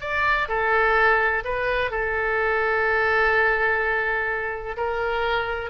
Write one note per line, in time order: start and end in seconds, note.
0.00 0.48 D5
0.48 1.43 A4
1.44 1.90 B4
1.90 4.76 A4
4.76 5.70 A#4